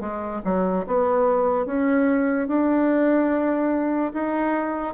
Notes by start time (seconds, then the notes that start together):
0.00 G#3
0.44 F#3
0.86 B3
1.66 C#4
2.47 D4
4.13 D#4